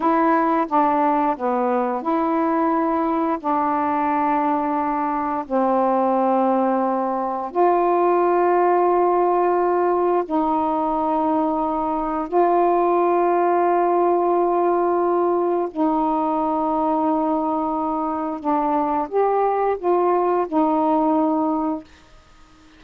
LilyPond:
\new Staff \with { instrumentName = "saxophone" } { \time 4/4 \tempo 4 = 88 e'4 d'4 b4 e'4~ | e'4 d'2. | c'2. f'4~ | f'2. dis'4~ |
dis'2 f'2~ | f'2. dis'4~ | dis'2. d'4 | g'4 f'4 dis'2 | }